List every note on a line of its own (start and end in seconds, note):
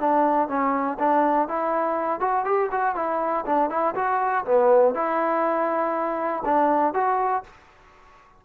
0.00 0.48 D4
0.48 0.98 C#4
0.99 1.49 D4
1.49 2.20 E4
2.20 2.45 F#4
2.45 2.70 G4
2.72 2.96 F#4
2.96 3.45 E4
3.46 3.70 D4
3.70 3.95 E4
3.95 4.45 F#4
4.45 4.95 B3
4.95 6.44 E4
6.45 6.94 D4
6.94 7.44 F#4